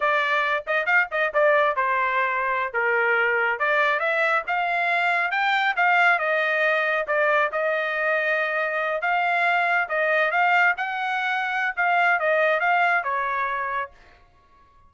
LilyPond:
\new Staff \with { instrumentName = "trumpet" } { \time 4/4 \tempo 4 = 138 d''4. dis''8 f''8 dis''8 d''4 | c''2~ c''16 ais'4.~ ais'16~ | ais'16 d''4 e''4 f''4.~ f''16~ | f''16 g''4 f''4 dis''4.~ dis''16~ |
dis''16 d''4 dis''2~ dis''8.~ | dis''8. f''2 dis''4 f''16~ | f''8. fis''2~ fis''16 f''4 | dis''4 f''4 cis''2 | }